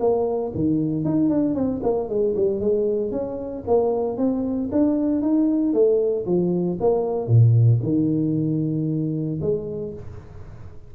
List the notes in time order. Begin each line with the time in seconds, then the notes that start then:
0.00 A#3
0.55 D#3
1.05 D#4
1.29 D4
1.55 C4
1.83 A#3
2.09 G#3
2.36 G3
2.60 G#3
3.12 C#4
3.67 A#3
4.18 C4
4.72 D4
5.22 D#4
5.73 A3
6.26 F3
6.80 A#3
7.28 A#2
7.83 D#3
9.42 G#3